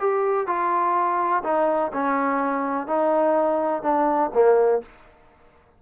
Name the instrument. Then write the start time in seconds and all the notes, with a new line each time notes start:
trombone
0.00 G4
0.47 F4
1.44 D#4
1.93 C#4
2.88 D#4
3.83 D4
4.34 A#3